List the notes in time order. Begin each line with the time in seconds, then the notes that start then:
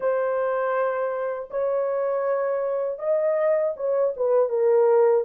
0.00 C5
1.50 C#5
2.98 D#5
3.76 C#5
4.16 B4
4.49 A#4